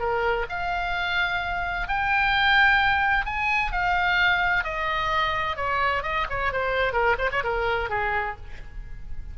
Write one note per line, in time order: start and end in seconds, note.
0.00 0.47 A#4
0.50 1.88 F5
1.88 3.26 G5
3.26 3.72 G#5
3.72 4.64 F5
4.64 5.57 D#5
5.57 6.03 C#5
6.03 6.27 D#5
6.30 6.53 C#5
6.53 6.93 C5
6.93 7.16 A#4
7.19 7.30 C5
7.32 7.44 C#5
7.44 7.90 A#4
7.90 8.37 G#4